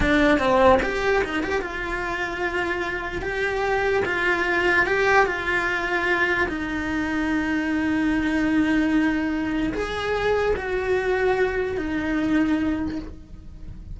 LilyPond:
\new Staff \with { instrumentName = "cello" } { \time 4/4 \tempo 4 = 148 d'4 c'4 g'4 dis'8 g'8 | f'1 | g'2 f'2 | g'4 f'2. |
dis'1~ | dis'1 | gis'2 fis'2~ | fis'4 dis'2. | }